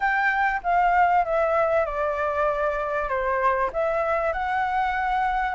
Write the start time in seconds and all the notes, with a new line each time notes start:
0.00 G5
0.63 F5
1.24 E5
1.85 D5
3.08 C5
3.72 E5
4.32 F#5